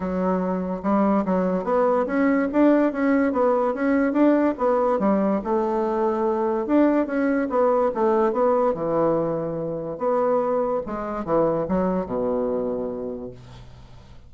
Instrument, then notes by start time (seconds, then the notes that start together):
bassoon
0.00 F#3
0.82 G3
1.25 F#3
1.63 B3
2.06 C#4
2.52 D4
2.92 C#4
3.32 B3
3.74 C#4
4.12 D4
4.58 B3
4.99 G3
5.43 A3
6.66 D4
7.06 C#4
7.49 B3
7.94 A3
8.32 B3
8.74 E3
9.98 B3
10.86 G#3
11.24 E3
11.68 F#3
12.05 B2